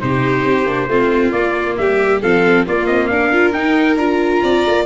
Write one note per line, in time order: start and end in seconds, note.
0.00 0.45 C3
0.00 0.66 D#4
0.00 0.90 G4
0.00 1.32 C5
0.45 0.66 C4
0.66 0.88 A#3
0.66 0.89 D4
0.88 1.32 A3
0.88 1.33 C4
0.88 1.78 F4
1.32 1.77 A#3
1.32 2.22 A#3
1.32 1.76 D5
1.77 2.23 G3
1.77 2.22 G4
1.77 2.22 E5
2.22 2.68 F3
2.22 2.67 C4
2.22 2.66 A4
2.22 2.67 F5
2.67 3.33 A#3
2.67 2.87 A#3
2.67 3.11 F4
2.67 2.87 D5
2.87 3.09 C4
2.87 3.07 D#5
3.07 3.55 D4
3.07 4.43 A#4
3.07 3.51 F5
3.33 3.53 F4
3.53 3.97 D#4
3.53 3.97 G5
3.97 4.41 D4
3.97 4.86 F4
3.97 4.86 A#5
4.43 4.65 C4
4.43 4.86 D5
4.66 4.86 A#3